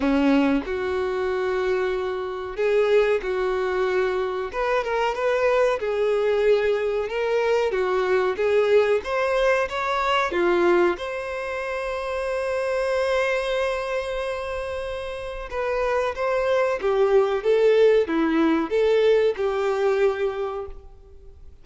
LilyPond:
\new Staff \with { instrumentName = "violin" } { \time 4/4 \tempo 4 = 93 cis'4 fis'2. | gis'4 fis'2 b'8 ais'8 | b'4 gis'2 ais'4 | fis'4 gis'4 c''4 cis''4 |
f'4 c''2.~ | c''1 | b'4 c''4 g'4 a'4 | e'4 a'4 g'2 | }